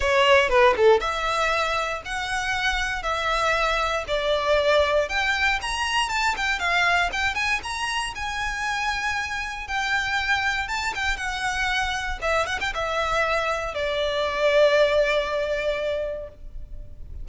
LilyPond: \new Staff \with { instrumentName = "violin" } { \time 4/4 \tempo 4 = 118 cis''4 b'8 a'8 e''2 | fis''2 e''2 | d''2 g''4 ais''4 | a''8 g''8 f''4 g''8 gis''8 ais''4 |
gis''2. g''4~ | g''4 a''8 g''8 fis''2 | e''8 fis''16 g''16 e''2 d''4~ | d''1 | }